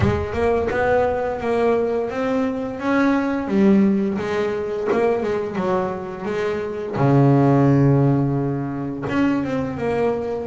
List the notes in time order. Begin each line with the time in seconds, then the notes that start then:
0.00 G#3
0.33 A#3
0.70 B3
1.40 A#3
2.09 C4
2.79 C#4
3.47 G3
4.18 G#3
4.92 A#3
5.22 G#3
5.55 F#3
6.25 G#3
6.96 C#3
9.09 C#4
9.44 C4
9.77 A#3